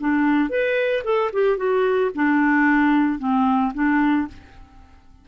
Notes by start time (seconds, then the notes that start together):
0.00 D4
0.49 B4
1.04 A4
1.33 G4
1.57 F#4
2.15 D4
3.19 C4
3.74 D4